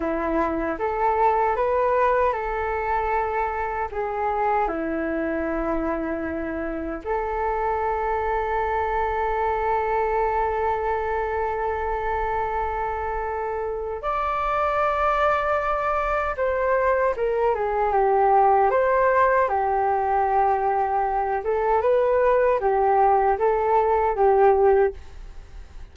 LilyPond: \new Staff \with { instrumentName = "flute" } { \time 4/4 \tempo 4 = 77 e'4 a'4 b'4 a'4~ | a'4 gis'4 e'2~ | e'4 a'2.~ | a'1~ |
a'2 d''2~ | d''4 c''4 ais'8 gis'8 g'4 | c''4 g'2~ g'8 a'8 | b'4 g'4 a'4 g'4 | }